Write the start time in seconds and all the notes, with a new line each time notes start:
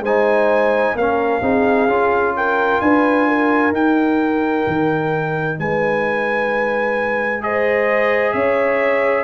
0.00 G#3 D#4 C5 G#5
0.95 A#3 C#4 A#4 F5
1.41 C4 D#4 G#4
1.87 C#4 F4
2.36 A#4 G5
2.81 D4 B4 G#5
3.28 A#4
3.72 D#4 G5
4.67 D#3
5.59 G#3 B4 G#5
7.41 G#4 C5 D#5
8.32 C#4 C#5 E5